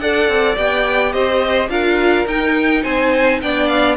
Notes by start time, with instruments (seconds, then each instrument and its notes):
0.00 cello D4, viola A4, violin D5 F#5
0.28 cello C4
0.56 cello B3, viola G4, violin G5
1.13 cello C4, violin C5 D#5
1.69 cello D4, viola F4, violin A#4 F5
2.27 cello D#4, viola D#4, violin G5
2.84 cello C4, violin C5 G#5
3.42 cello B3, viola D4, violin D5 G5
3.68 violin F5